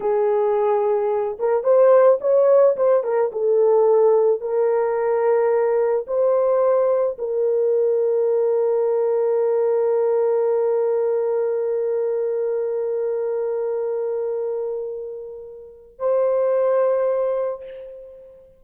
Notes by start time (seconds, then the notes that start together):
0.00 G#4
1.39 A#4
1.63 C5
2.20 C#5
2.76 C5
3.03 A#4
3.32 A4
4.41 A#4
6.07 C5
7.18 A#4
15.98 C5